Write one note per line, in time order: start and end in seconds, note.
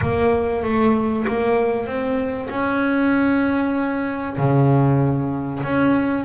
0.01 0.63 A#3
0.63 1.25 A3
1.27 1.86 A#3
1.86 2.49 C4
2.49 4.37 C#4
4.37 5.62 C#3
5.63 6.24 C#4